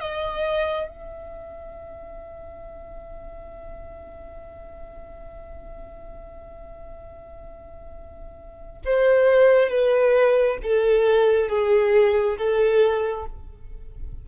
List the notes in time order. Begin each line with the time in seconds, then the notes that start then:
0.00 D#5
0.87 E5
8.85 C5
9.69 B4
10.63 A4
11.49 G#4
12.37 A4